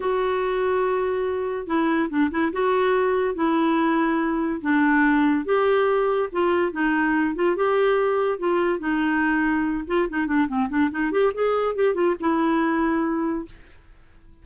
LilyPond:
\new Staff \with { instrumentName = "clarinet" } { \time 4/4 \tempo 4 = 143 fis'1 | e'4 d'8 e'8 fis'2 | e'2. d'4~ | d'4 g'2 f'4 |
dis'4. f'8 g'2 | f'4 dis'2~ dis'8 f'8 | dis'8 d'8 c'8 d'8 dis'8 g'8 gis'4 | g'8 f'8 e'2. | }